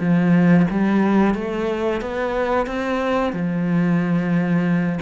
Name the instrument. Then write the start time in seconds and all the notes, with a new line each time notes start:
cello
0.00 F3
0.71 G3
1.35 A3
2.02 B3
2.67 C4
3.33 F3